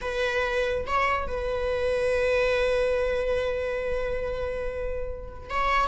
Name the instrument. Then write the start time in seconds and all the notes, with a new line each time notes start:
viola
0.01 B4
0.86 C#5
1.27 B4
5.49 C#5